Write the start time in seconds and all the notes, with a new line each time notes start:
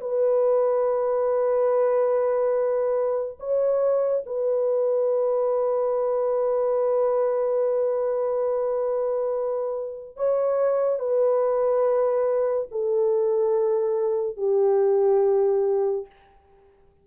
0.00 B4
3.39 C#5
4.26 B4
10.16 C#5
10.99 B4
12.71 A4
14.37 G4